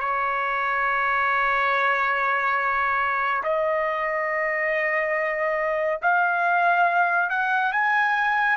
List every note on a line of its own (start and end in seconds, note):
0.00 3.43 C#5
3.44 6.01 D#5
6.02 7.31 F5
7.31 7.73 F#5
7.73 8.58 G#5